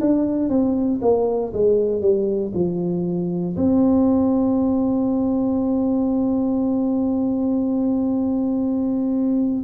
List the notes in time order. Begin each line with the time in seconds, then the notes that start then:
0.00 D4
0.49 C4
1.01 A#3
1.53 G#3
2.01 G3
2.54 F3
3.56 C4